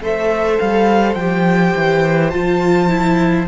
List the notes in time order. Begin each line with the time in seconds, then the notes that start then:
0.00 A3 A4 C5 E5
0.58 G3 F5
1.14 F3 G4 G5
1.75 E3
2.30 F3 F4 A5
2.88 E4